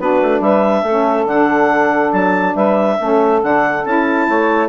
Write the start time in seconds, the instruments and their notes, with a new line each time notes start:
0.00 bassoon B3, saxophone D4 F#4, clarinet B4
0.23 bassoon A3
0.41 bassoon G3, saxophone B4, clarinet E5
0.83 bassoon A3, saxophone C#4 A4
1.26 bassoon D3, saxophone D4, clarinet F#5
2.13 bassoon F#3, clarinet A5
2.55 bassoon G3, saxophone B4, clarinet E5
3.01 bassoon A3, saxophone C#4 A4
3.43 bassoon D3, saxophone D4, clarinet F#5
3.86 bassoon C#4, saxophone E4, clarinet A5
4.28 bassoon A3, saxophone C#5